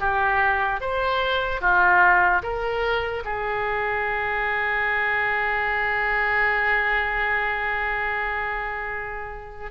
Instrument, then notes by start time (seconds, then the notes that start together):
oboe
0.00 G4
0.81 C5
1.61 F4
2.43 A#4
3.25 G#4